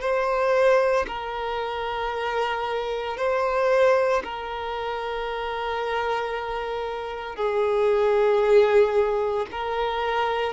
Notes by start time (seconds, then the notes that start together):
0.00 C5
1.07 A#4
3.17 C5
4.23 A#4
7.35 G#4
9.51 A#4